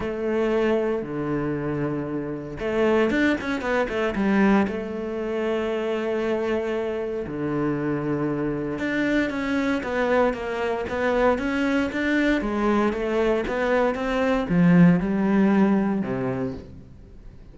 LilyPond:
\new Staff \with { instrumentName = "cello" } { \time 4/4 \tempo 4 = 116 a2 d2~ | d4 a4 d'8 cis'8 b8 a8 | g4 a2.~ | a2 d2~ |
d4 d'4 cis'4 b4 | ais4 b4 cis'4 d'4 | gis4 a4 b4 c'4 | f4 g2 c4 | }